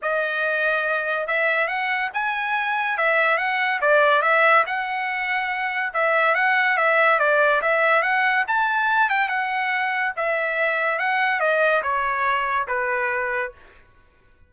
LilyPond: \new Staff \with { instrumentName = "trumpet" } { \time 4/4 \tempo 4 = 142 dis''2. e''4 | fis''4 gis''2 e''4 | fis''4 d''4 e''4 fis''4~ | fis''2 e''4 fis''4 |
e''4 d''4 e''4 fis''4 | a''4. g''8 fis''2 | e''2 fis''4 dis''4 | cis''2 b'2 | }